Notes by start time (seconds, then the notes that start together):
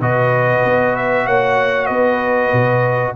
0.00 B2 F#4 B4 D#5
0.64 B3
0.96 E5
1.26 A#3 C#5 F#5
1.86 B3 B4 D#5
2.53 B2